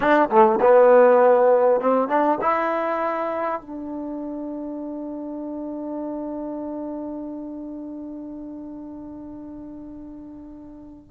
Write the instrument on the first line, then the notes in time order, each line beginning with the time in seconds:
trombone
0.00 D4
0.29 A3
0.61 B3
1.80 C4
2.08 D4
2.41 E4
3.61 D4